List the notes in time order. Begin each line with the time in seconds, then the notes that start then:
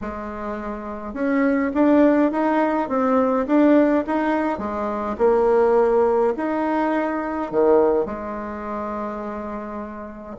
0.01 G#3
1.13 C#4
1.74 D4
2.31 D#4
2.88 C4
3.46 D4
4.06 D#4
4.58 G#3
5.18 A#3
6.36 D#4
7.51 D#3
8.05 G#3